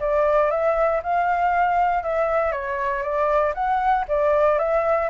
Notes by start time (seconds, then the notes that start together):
0.00 D5
0.51 E5
1.03 F5
2.03 E5
2.52 C#5
3.03 D5
3.54 F#5
4.08 D5
4.59 E5